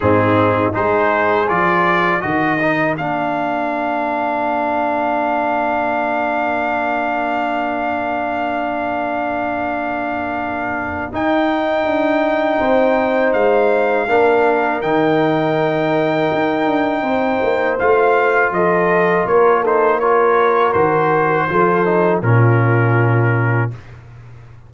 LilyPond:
<<
  \new Staff \with { instrumentName = "trumpet" } { \time 4/4 \tempo 4 = 81 gis'4 c''4 d''4 dis''4 | f''1~ | f''1~ | f''2. g''4~ |
g''2 f''2 | g''1 | f''4 dis''4 cis''8 c''8 cis''4 | c''2 ais'2 | }
  \new Staff \with { instrumentName = "horn" } { \time 4/4 dis'4 gis'2 ais'4~ | ais'1~ | ais'1~ | ais'1~ |
ais'4 c''2 ais'4~ | ais'2. c''4~ | c''4 a'4 ais'8 a'8 ais'4~ | ais'4 a'4 f'2 | }
  \new Staff \with { instrumentName = "trombone" } { \time 4/4 c'4 dis'4 f'4 fis'8 dis'8 | d'1~ | d'1~ | d'2. dis'4~ |
dis'2. d'4 | dis'1 | f'2~ f'8 dis'8 f'4 | fis'4 f'8 dis'8 cis'2 | }
  \new Staff \with { instrumentName = "tuba" } { \time 4/4 gis,4 gis4 f4 dis4 | ais1~ | ais1~ | ais2. dis'4 |
d'4 c'4 gis4 ais4 | dis2 dis'8 d'8 c'8 ais8 | a4 f4 ais2 | dis4 f4 ais,2 | }
>>